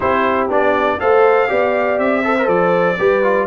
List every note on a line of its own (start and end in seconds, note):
0.00 0.50 C4
0.00 0.49 E4
0.00 0.99 G4
0.00 0.48 C5
0.49 0.99 B3
0.49 0.99 D4
0.49 1.00 D5
1.00 1.50 A3
1.00 1.48 A4
1.00 1.49 C5
1.00 1.99 F5
1.48 1.98 B3
1.48 2.22 G4
1.48 2.23 D5
1.98 2.47 C4
1.98 2.48 E5
2.23 2.35 A4
2.23 2.98 C5
2.38 2.45 A#4
2.45 2.97 F3
2.45 2.94 A4
2.45 3.47 D5
2.98 3.47 G3
2.98 3.23 G4
2.98 3.47 B4
3.23 3.47 F4